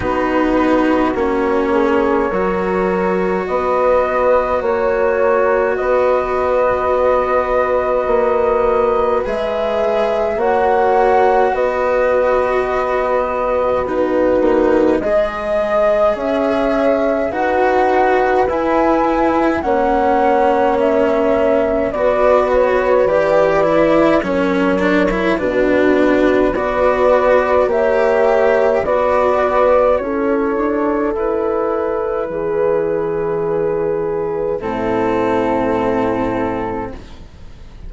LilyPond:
<<
  \new Staff \with { instrumentName = "flute" } { \time 4/4 \tempo 4 = 52 b'4 cis''2 dis''4 | cis''4 dis''2. | e''4 fis''4 dis''2 | b'4 dis''4 e''4 fis''4 |
gis''4 fis''4 e''4 d''8 cis''8 | d''4 cis''4 b'4 d''4 | e''4 d''4 cis''4 b'4~ | b'2 a'2 | }
  \new Staff \with { instrumentName = "horn" } { \time 4/4 fis'4. gis'8 ais'4 b'4 | cis''4 b'2.~ | b'4 cis''4 b'2 | fis'4 dis''4 cis''4 b'4~ |
b'4 cis''2 b'4~ | b'4 ais'4 fis'4 b'4 | cis''4 b'4 a'2 | gis'2 e'2 | }
  \new Staff \with { instrumentName = "cello" } { \time 4/4 dis'4 cis'4 fis'2~ | fis'1 | gis'4 fis'2. | dis'4 gis'2 fis'4 |
e'4 cis'2 fis'4 | g'8 e'8 cis'8 d'16 e'16 d'4 fis'4 | g'4 fis'4 e'2~ | e'2 c'2 | }
  \new Staff \with { instrumentName = "bassoon" } { \time 4/4 b4 ais4 fis4 b4 | ais4 b2 ais4 | gis4 ais4 b2~ | b8 ais8 gis4 cis'4 dis'4 |
e'4 ais2 b4 | e4 fis4 b,4 b4 | ais4 b4 cis'8 d'8 e'4 | e2 a,2 | }
>>